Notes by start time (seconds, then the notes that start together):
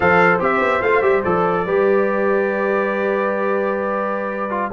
0.00 F3 A4 C5 F5
0.39 C4 G4 E5
0.60 B3
0.82 A3 F4 F5
1.01 G3 G4 E5
1.23 F3 A4 D5
1.64 G3 G4 B4
4.50 F4